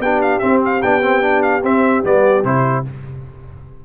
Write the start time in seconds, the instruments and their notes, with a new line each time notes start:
0.00 tuba B3, trombone D4, horn G4, trumpet G5
0.22 trumpet F5
0.39 trombone C4, tuba C4, trumpet E5
0.65 trumpet F5
0.82 tuba B3, trombone D4, trumpet G5
1.02 trombone C4
1.22 trombone D4
1.42 trumpet F5
1.63 tuba C4, trombone C4, trumpet E5
2.04 tuba G3, trombone B3, trumpet D5
2.44 tuba C3, trombone E4, trumpet C5